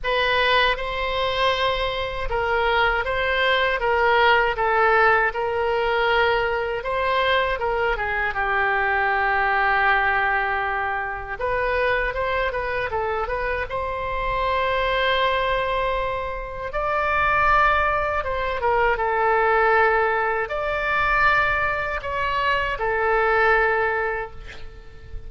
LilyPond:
\new Staff \with { instrumentName = "oboe" } { \time 4/4 \tempo 4 = 79 b'4 c''2 ais'4 | c''4 ais'4 a'4 ais'4~ | ais'4 c''4 ais'8 gis'8 g'4~ | g'2. b'4 |
c''8 b'8 a'8 b'8 c''2~ | c''2 d''2 | c''8 ais'8 a'2 d''4~ | d''4 cis''4 a'2 | }